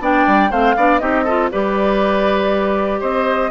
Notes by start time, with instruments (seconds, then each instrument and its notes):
0.00 bassoon B3, clarinet D4, oboe D5, flute G5
0.26 bassoon G3
0.50 bassoon A3, clarinet C4, oboe C5, flute F5
0.76 bassoon B3, clarinet D4, oboe D5
0.98 bassoon C4, clarinet D#4, oboe G4, flute D#5
1.24 clarinet F4, oboe A4
1.51 bassoon G3, clarinet G4, oboe B4, flute D5
3.00 bassoon C4, oboe C5, flute D#5